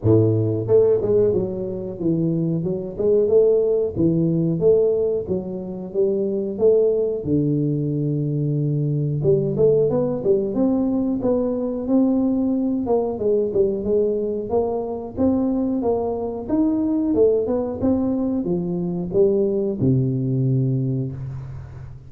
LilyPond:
\new Staff \with { instrumentName = "tuba" } { \time 4/4 \tempo 4 = 91 a,4 a8 gis8 fis4 e4 | fis8 gis8 a4 e4 a4 | fis4 g4 a4 d4~ | d2 g8 a8 b8 g8 |
c'4 b4 c'4. ais8 | gis8 g8 gis4 ais4 c'4 | ais4 dis'4 a8 b8 c'4 | f4 g4 c2 | }